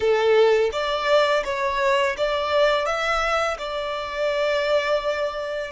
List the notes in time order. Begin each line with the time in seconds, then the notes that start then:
0.00 A4
0.72 D5
1.44 C#5
2.17 D5
2.85 E5
3.58 D5